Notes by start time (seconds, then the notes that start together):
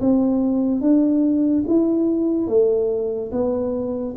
0.00 C4
0.81 D4
1.67 E4
2.47 A3
3.31 B3